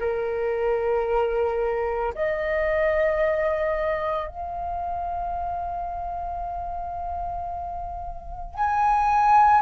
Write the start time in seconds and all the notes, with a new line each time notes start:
0.00 A#4
2.15 D#5
4.28 F5
8.55 G#5